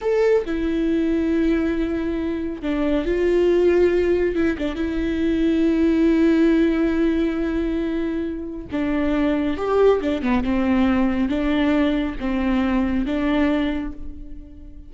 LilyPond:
\new Staff \with { instrumentName = "viola" } { \time 4/4 \tempo 4 = 138 a'4 e'2.~ | e'2 d'4 f'4~ | f'2 e'8 d'8 e'4~ | e'1~ |
e'1 | d'2 g'4 d'8 b8 | c'2 d'2 | c'2 d'2 | }